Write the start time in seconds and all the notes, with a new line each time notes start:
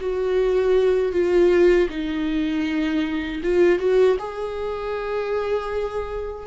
0.00 F#4
1.12 F4
1.90 D#4
3.43 F4
3.79 F#4
4.19 G#4